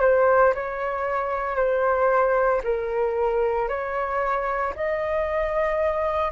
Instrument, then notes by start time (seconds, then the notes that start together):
flute
0.00 C5
0.54 C#5
1.56 C5
2.64 A#4
3.68 C#5
4.75 D#5